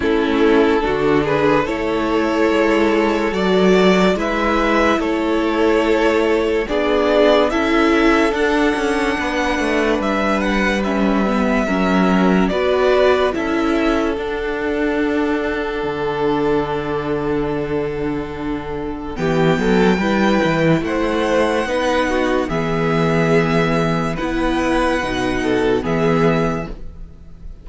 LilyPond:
<<
  \new Staff \with { instrumentName = "violin" } { \time 4/4 \tempo 4 = 72 a'4. b'8 cis''2 | d''4 e''4 cis''2 | d''4 e''4 fis''2 | e''8 fis''8 e''2 d''4 |
e''4 fis''2.~ | fis''2. g''4~ | g''4 fis''2 e''4~ | e''4 fis''2 e''4 | }
  \new Staff \with { instrumentName = "violin" } { \time 4/4 e'4 fis'8 gis'8 a'2~ | a'4 b'4 a'2 | gis'4 a'2 b'4~ | b'2 ais'4 b'4 |
a'1~ | a'2. g'8 a'8 | b'4 c''4 b'8 fis'8 gis'4~ | gis'4 b'4. a'8 gis'4 | }
  \new Staff \with { instrumentName = "viola" } { \time 4/4 cis'4 d'4 e'2 | fis'4 e'2. | d'4 e'4 d'2~ | d'4 cis'8 b8 cis'4 fis'4 |
e'4 d'2.~ | d'2. b4 | e'2 dis'4 b4~ | b4 e'4 dis'4 b4 | }
  \new Staff \with { instrumentName = "cello" } { \time 4/4 a4 d4 a4 gis4 | fis4 gis4 a2 | b4 cis'4 d'8 cis'8 b8 a8 | g2 fis4 b4 |
cis'4 d'2 d4~ | d2. e8 fis8 | g8 e8 a4 b4 e4~ | e4 b4 b,4 e4 | }
>>